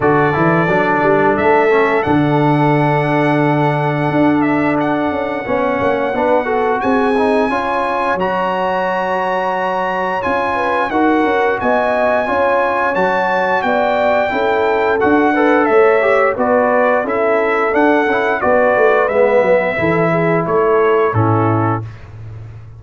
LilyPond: <<
  \new Staff \with { instrumentName = "trumpet" } { \time 4/4 \tempo 4 = 88 d''2 e''4 fis''4~ | fis''2~ fis''8 e''8 fis''4~ | fis''2 gis''2 | ais''2. gis''4 |
fis''4 gis''2 a''4 | g''2 fis''4 e''4 | d''4 e''4 fis''4 d''4 | e''2 cis''4 a'4 | }
  \new Staff \with { instrumentName = "horn" } { \time 4/4 a'1~ | a'1 | cis''4 b'8 a'8 gis'4 cis''4~ | cis''2.~ cis''8 b'8 |
ais'4 dis''4 cis''2 | d''4 a'4. b'8 cis''4 | b'4 a'2 b'4~ | b'4 a'8 gis'8 a'4 e'4 | }
  \new Staff \with { instrumentName = "trombone" } { \time 4/4 fis'8 e'8 d'4. cis'8 d'4~ | d'1 | cis'4 d'8 fis'4 dis'8 f'4 | fis'2. f'4 |
fis'2 f'4 fis'4~ | fis'4 e'4 fis'8 a'4 g'8 | fis'4 e'4 d'8 e'8 fis'4 | b4 e'2 cis'4 | }
  \new Staff \with { instrumentName = "tuba" } { \time 4/4 d8 e8 fis8 g8 a4 d4~ | d2 d'4. cis'8 | b8 ais8 b4 c'4 cis'4 | fis2. cis'4 |
dis'8 cis'8 b4 cis'4 fis4 | b4 cis'4 d'4 a4 | b4 cis'4 d'8 cis'8 b8 a8 | gis8 fis8 e4 a4 a,4 | }
>>